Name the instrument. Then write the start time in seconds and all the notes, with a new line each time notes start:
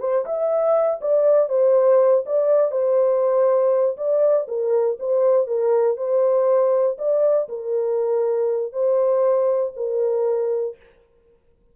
horn
0.00 C5
0.25 E5
1.01 D5
1.49 C5
2.26 D5
2.72 C5
3.97 D5
4.48 A#4
5.00 C5
5.47 A#4
5.97 C5
6.98 D5
7.49 A#4
8.73 C5
9.77 A#4